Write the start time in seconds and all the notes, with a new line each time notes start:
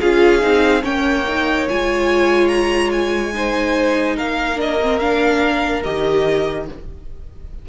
0.00 C#4 F4 G#4 F5
0.40 C4 D#4
0.83 A#3 C#4 C#5 G5
1.28 D#4
1.69 G#3 F4 G#5
2.48 A#5
2.91 G#5
3.33 D#4 C5
4.16 A#3 A#4 F5
4.56 D4 D#5
4.82 C4
4.99 D4 F5
5.83 D#3 G4 D#5